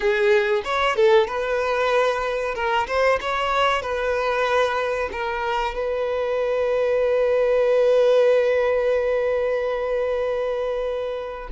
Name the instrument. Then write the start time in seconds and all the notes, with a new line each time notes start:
violin
0.00 G#4
0.64 C#5
0.96 A4
1.27 B4
2.54 A#4
2.87 C5
3.20 C#5
3.82 B4
5.12 A#4
5.74 B4